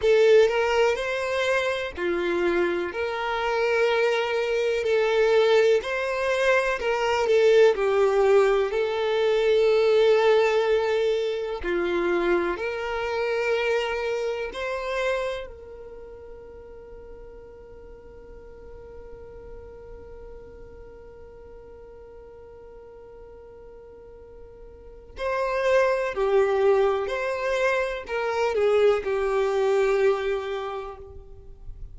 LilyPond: \new Staff \with { instrumentName = "violin" } { \time 4/4 \tempo 4 = 62 a'8 ais'8 c''4 f'4 ais'4~ | ais'4 a'4 c''4 ais'8 a'8 | g'4 a'2. | f'4 ais'2 c''4 |
ais'1~ | ais'1~ | ais'2 c''4 g'4 | c''4 ais'8 gis'8 g'2 | }